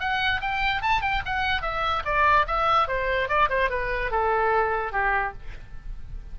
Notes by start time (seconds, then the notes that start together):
0.00 F#5
0.41 G5
0.82 A5
1.01 G5
1.25 F#5
1.62 E5
2.05 D5
2.47 E5
2.88 C5
3.29 D5
3.50 C5
3.70 B4
4.11 A4
4.92 G4